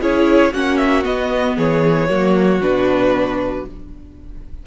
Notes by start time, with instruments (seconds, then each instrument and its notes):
0.00 cello C#4, viola E4, violin G#4 C#5
0.52 cello A#3, viola C#4, violin F#4 F#5
0.77 violin E5
1.04 viola B3, cello B3, violin D#5
1.57 cello E3, violin G#4 C#5
2.09 cello F#3, viola A#3, violin F#4
2.62 cello B2, viola D4, violin B4